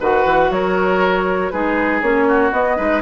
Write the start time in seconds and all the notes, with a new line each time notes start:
0.00 D#3 F#4 B4 F#5
0.25 E3
0.51 F#3 A#4 C#5
1.51 G#3 D#4 G#4 B4
2.01 A#3 C#4 C#5
2.28 F#4
2.52 B3 D#5
2.77 G#3 D#4 B4